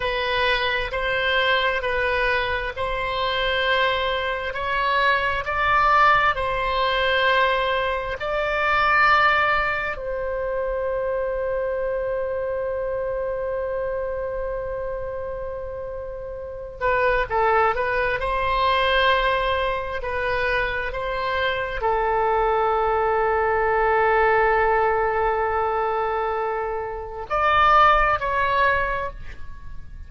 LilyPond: \new Staff \with { instrumentName = "oboe" } { \time 4/4 \tempo 4 = 66 b'4 c''4 b'4 c''4~ | c''4 cis''4 d''4 c''4~ | c''4 d''2 c''4~ | c''1~ |
c''2~ c''8 b'8 a'8 b'8 | c''2 b'4 c''4 | a'1~ | a'2 d''4 cis''4 | }